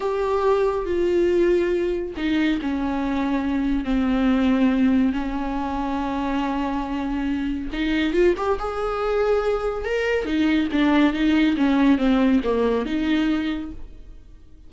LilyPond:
\new Staff \with { instrumentName = "viola" } { \time 4/4 \tempo 4 = 140 g'2 f'2~ | f'4 dis'4 cis'2~ | cis'4 c'2. | cis'1~ |
cis'2 dis'4 f'8 g'8 | gis'2. ais'4 | dis'4 d'4 dis'4 cis'4 | c'4 ais4 dis'2 | }